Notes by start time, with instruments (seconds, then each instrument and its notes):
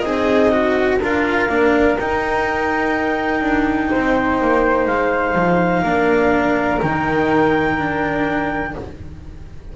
0.00 double bass C4, flute D#4, cello G#4, clarinet D#5
0.52 cello F#4
1.01 double bass D4, cello F4, flute A#4, clarinet F5
1.48 double bass A#3, cello D4
1.98 double bass D#4, cello D#4, clarinet G5
3.41 double bass D4
3.90 double bass C4, flute C5
4.41 double bass A#3
4.86 double bass G#3, clarinet F5
5.35 double bass F3
5.82 double bass A#3, cello D4, flute A#4
6.81 double bass D#3, cello D#4, clarinet G5
7.78 cello D4